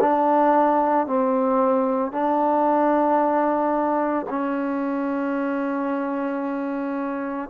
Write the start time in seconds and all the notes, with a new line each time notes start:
0.00 D4
1.06 C4
2.11 D4
4.29 C#4